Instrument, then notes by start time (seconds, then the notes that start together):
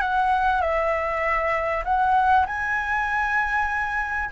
flute
0.00 F#5
0.61 E5
1.84 F#5
2.46 G#5